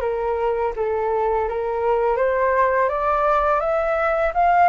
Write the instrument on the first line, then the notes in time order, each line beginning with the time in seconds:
flute
0.00 A#4
0.76 A4
1.48 A#4
2.16 C5
2.88 D5
3.60 E5
4.34 F5